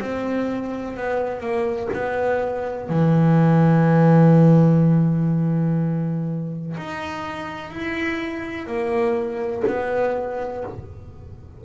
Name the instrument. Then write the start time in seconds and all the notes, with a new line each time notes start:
double bass
0.00 C4
0.96 B3
1.40 A#3
1.93 B3
2.89 E3
6.77 D#4
7.70 E4
8.67 A#3
9.67 B3